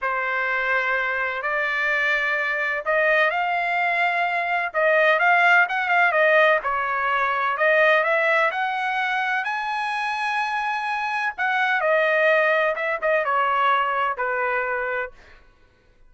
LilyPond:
\new Staff \with { instrumentName = "trumpet" } { \time 4/4 \tempo 4 = 127 c''2. d''4~ | d''2 dis''4 f''4~ | f''2 dis''4 f''4 | fis''8 f''8 dis''4 cis''2 |
dis''4 e''4 fis''2 | gis''1 | fis''4 dis''2 e''8 dis''8 | cis''2 b'2 | }